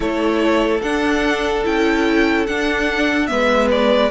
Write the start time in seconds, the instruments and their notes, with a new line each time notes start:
0.00 cello A3, viola E4, violin A4 C#5
0.81 cello D4, viola D4, violin F#5
1.64 cello C#4, viola E4, violin G5
2.46 viola D4, cello D4, violin F#5
3.27 cello G#3, viola B3, violin B4 E5
3.71 violin D5